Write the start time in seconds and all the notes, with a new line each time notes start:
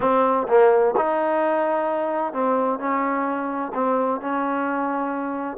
0.00 C4
0.48 A#3
0.96 D#4
2.33 C4
2.79 C#4
3.74 C4
4.20 C#4